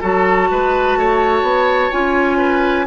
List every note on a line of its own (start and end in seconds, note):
0.00 0.50 F#3
0.00 1.91 F#4
0.00 0.48 A4
0.00 1.92 A5
0.51 0.96 G#3
0.51 0.98 B4
0.96 1.42 A3
0.96 2.37 C#5
1.42 1.90 B3
1.91 2.87 C#4
1.91 2.87 F4
1.91 2.87 G#5
2.37 2.85 B4